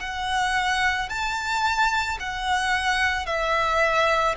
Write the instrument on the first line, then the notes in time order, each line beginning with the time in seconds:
violin
0.00 F#5
1.09 A5
2.20 F#5
3.26 E5